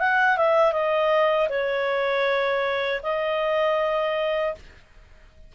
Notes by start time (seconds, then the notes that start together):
0.00 F#5
0.37 E5
0.72 D#5
1.49 C#5
3.03 D#5